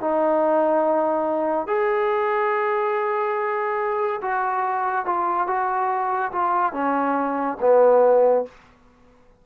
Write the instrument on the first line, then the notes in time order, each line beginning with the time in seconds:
trombone
0.00 D#4
1.67 G#4
4.21 F#4
5.05 F4
5.47 F#4
6.32 F4
6.73 C#4
7.60 B3